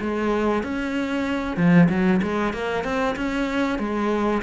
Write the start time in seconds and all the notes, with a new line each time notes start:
0.00 G#3
0.63 C#4
1.57 F3
1.89 F#3
2.22 G#3
2.53 A#3
2.84 C4
3.16 C#4
3.78 G#3